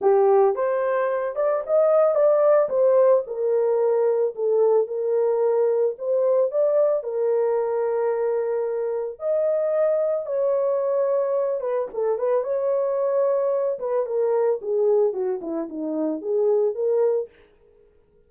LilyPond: \new Staff \with { instrumentName = "horn" } { \time 4/4 \tempo 4 = 111 g'4 c''4. d''8 dis''4 | d''4 c''4 ais'2 | a'4 ais'2 c''4 | d''4 ais'2.~ |
ais'4 dis''2 cis''4~ | cis''4. b'8 a'8 b'8 cis''4~ | cis''4. b'8 ais'4 gis'4 | fis'8 e'8 dis'4 gis'4 ais'4 | }